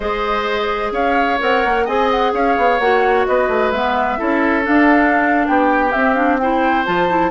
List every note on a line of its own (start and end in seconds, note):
0.00 0.91 G#3
0.00 1.39 G#4
0.00 0.92 C5
0.00 0.92 D#5
0.91 1.38 C#4
0.91 1.84 C#5
0.91 1.39 F5
1.39 1.64 C4
1.39 1.85 A#4
1.39 1.86 F#5
1.64 1.88 A#3
1.84 2.33 C4
1.84 2.80 G#4
1.84 2.31 D#5
1.84 2.10 G#5
2.10 2.34 F#5
2.33 2.56 C#4
2.33 3.27 C#5
2.33 2.79 F5
2.56 2.79 B3
2.79 3.26 A#3
2.79 3.73 F#4
2.79 3.25 F#5
3.26 3.48 B3
3.26 4.18 B4
3.26 3.71 D#5
3.48 3.71 A3
3.71 4.17 G#3
3.71 4.18 B3
3.71 4.64 E5
4.18 4.67 C#4
4.18 4.62 E4
4.18 5.46 A4
4.62 5.90 D4
4.62 5.48 D4
4.62 5.47 F5
5.47 5.94 B3
5.47 6.41 G4
5.47 5.92 G5
5.92 6.15 C4
5.92 6.87 C4
5.92 6.13 E5
6.13 6.38 D4
6.13 6.37 F5
6.38 6.85 E4
6.38 7.31 C5
6.38 6.84 G5
6.85 7.31 F3
6.85 7.08 F4
6.85 7.31 A5
7.09 7.31 E4